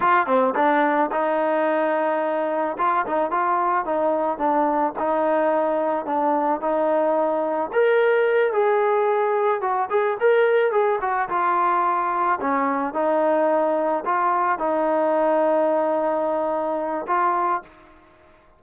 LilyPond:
\new Staff \with { instrumentName = "trombone" } { \time 4/4 \tempo 4 = 109 f'8 c'8 d'4 dis'2~ | dis'4 f'8 dis'8 f'4 dis'4 | d'4 dis'2 d'4 | dis'2 ais'4. gis'8~ |
gis'4. fis'8 gis'8 ais'4 gis'8 | fis'8 f'2 cis'4 dis'8~ | dis'4. f'4 dis'4.~ | dis'2. f'4 | }